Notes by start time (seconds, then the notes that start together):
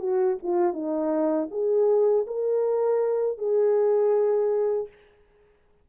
0.00 F#4
0.43 F4
0.74 D#4
1.51 G#4
2.27 A#4
3.39 G#4